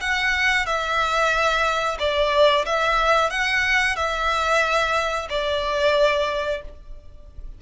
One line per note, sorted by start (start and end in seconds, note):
0.00 0.66 F#5
0.66 1.98 E5
1.99 2.65 D5
2.65 3.30 E5
3.30 3.96 F#5
3.96 5.27 E5
5.29 6.61 D5